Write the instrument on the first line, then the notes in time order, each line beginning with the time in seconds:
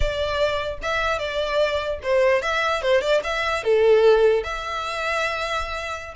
violin
0.00 D5
0.82 E5
1.18 D5
2.02 C5
2.42 E5
2.82 C5
3.01 D5
3.23 E5
3.63 A4
4.43 E5